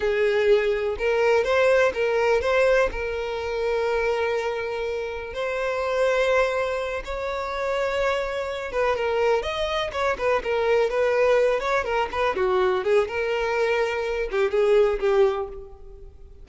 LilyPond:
\new Staff \with { instrumentName = "violin" } { \time 4/4 \tempo 4 = 124 gis'2 ais'4 c''4 | ais'4 c''4 ais'2~ | ais'2. c''4~ | c''2~ c''8 cis''4.~ |
cis''2 b'8 ais'4 dis''8~ | dis''8 cis''8 b'8 ais'4 b'4. | cis''8 ais'8 b'8 fis'4 gis'8 ais'4~ | ais'4. g'8 gis'4 g'4 | }